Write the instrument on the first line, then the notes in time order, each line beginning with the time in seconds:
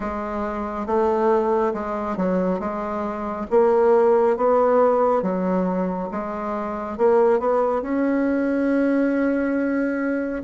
bassoon
0.00 G#3
0.86 A3
1.73 G#3
2.17 F#3
2.59 G#3
3.50 A#3
4.37 B3
5.22 F#3
6.11 G#3
6.97 A#3
7.39 B3
7.82 C#4